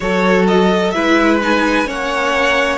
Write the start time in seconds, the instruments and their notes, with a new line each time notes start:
0.00 cello F#3, viola F#4, violin A4 C#5
0.47 violin D#5
0.90 cello G#3, viola E4, violin B4 E5
1.41 viola D#4, violin G#5
1.85 cello A#3, viola C#4, violin C#5 F#5